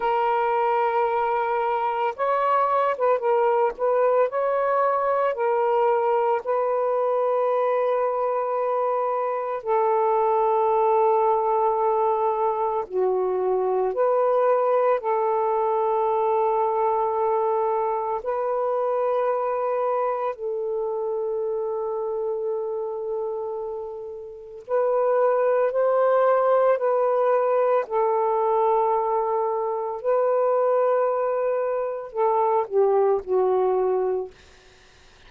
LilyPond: \new Staff \with { instrumentName = "saxophone" } { \time 4/4 \tempo 4 = 56 ais'2 cis''8. b'16 ais'8 b'8 | cis''4 ais'4 b'2~ | b'4 a'2. | fis'4 b'4 a'2~ |
a'4 b'2 a'4~ | a'2. b'4 | c''4 b'4 a'2 | b'2 a'8 g'8 fis'4 | }